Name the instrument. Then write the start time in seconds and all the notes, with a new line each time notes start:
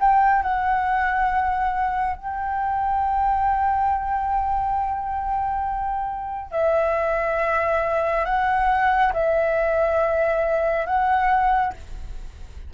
flute
0.00 G5
0.42 F#5
2.16 G5
6.51 E5
8.25 F#5
9.13 E5
10.86 F#5